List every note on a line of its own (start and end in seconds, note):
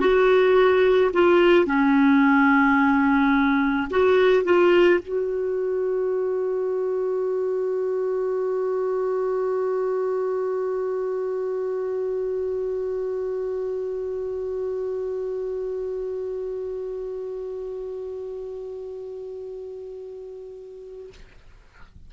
0.00 1.11 F#4
1.13 1.66 F4
1.66 3.88 C#4
3.90 4.44 F#4
4.44 4.99 F4
5.02 21.13 F#4